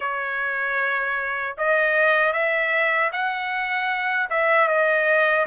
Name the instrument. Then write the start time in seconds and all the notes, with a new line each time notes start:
trumpet
0.00 C#5
1.57 D#5
2.32 E5
3.12 F#5
4.30 E5
4.68 D#5